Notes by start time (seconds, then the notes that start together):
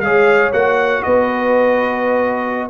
0.00 G#3 G#4 C#5 F5
0.52 A#3 F#4 F#5
1.03 B3 B4 D#5